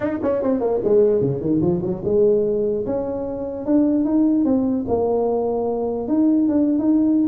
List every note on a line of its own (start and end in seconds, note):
0.00 0.18 D#4
0.22 0.42 C#4
0.42 0.60 C4
0.60 0.80 A#3
0.84 1.21 G#3
1.21 1.40 C#3
1.40 1.61 D#3
1.61 1.81 F3
1.82 2.02 F#3
2.04 2.85 G#3
2.86 3.65 C#4
3.65 4.04 D4
4.04 4.44 D#4
4.44 4.85 C4
4.88 6.08 A#3
6.08 6.48 D#4
6.48 6.78 D4
6.78 7.28 D#4